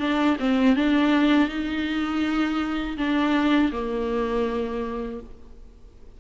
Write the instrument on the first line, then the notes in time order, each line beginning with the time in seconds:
viola
0.00 D4
0.40 C4
0.76 D4
1.49 D#4
2.98 D4
3.73 A#3